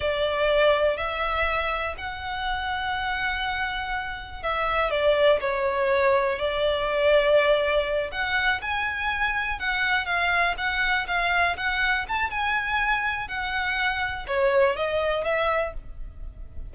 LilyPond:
\new Staff \with { instrumentName = "violin" } { \time 4/4 \tempo 4 = 122 d''2 e''2 | fis''1~ | fis''4 e''4 d''4 cis''4~ | cis''4 d''2.~ |
d''8 fis''4 gis''2 fis''8~ | fis''8 f''4 fis''4 f''4 fis''8~ | fis''8 a''8 gis''2 fis''4~ | fis''4 cis''4 dis''4 e''4 | }